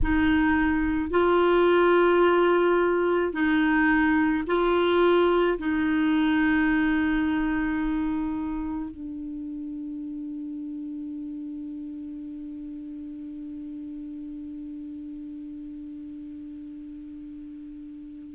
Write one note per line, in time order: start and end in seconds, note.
0.02 1.10 D#4
1.10 3.32 F4
3.32 4.43 D#4
4.46 5.58 F4
5.58 8.90 D#4
8.90 18.34 D4